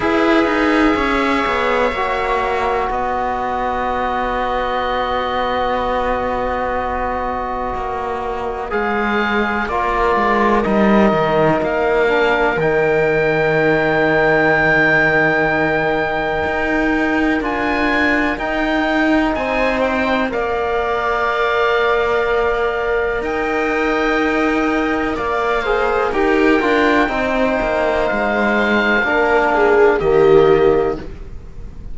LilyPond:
<<
  \new Staff \with { instrumentName = "oboe" } { \time 4/4 \tempo 4 = 62 e''2. dis''4~ | dis''1~ | dis''4 f''4 d''4 dis''4 | f''4 g''2.~ |
g''2 gis''4 g''4 | gis''8 g''8 f''2. | g''2 f''4 g''4~ | g''4 f''2 dis''4 | }
  \new Staff \with { instrumentName = "viola" } { \time 4/4 b'4 cis''2 b'4~ | b'1~ | b'2 ais'2~ | ais'1~ |
ais'1 | c''4 d''2. | dis''2 d''8 c''8 ais'4 | c''2 ais'8 gis'8 g'4 | }
  \new Staff \with { instrumentName = "trombone" } { \time 4/4 gis'2 fis'2~ | fis'1~ | fis'4 gis'4 f'4 dis'4~ | dis'8 d'8 dis'2.~ |
dis'2 f'4 dis'4~ | dis'4 ais'2.~ | ais'2~ ais'8 gis'8 g'8 f'8 | dis'2 d'4 ais4 | }
  \new Staff \with { instrumentName = "cello" } { \time 4/4 e'8 dis'8 cis'8 b8 ais4 b4~ | b1 | ais4 gis4 ais8 gis8 g8 dis8 | ais4 dis2.~ |
dis4 dis'4 d'4 dis'4 | c'4 ais2. | dis'2 ais4 dis'8 d'8 | c'8 ais8 gis4 ais4 dis4 | }
>>